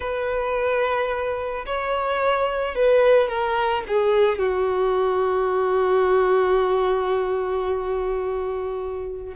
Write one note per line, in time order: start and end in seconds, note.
0.00 1.65 B4
1.66 2.75 C#5
2.75 3.28 B4
3.28 3.83 A#4
3.87 4.38 G#4
4.38 9.34 F#4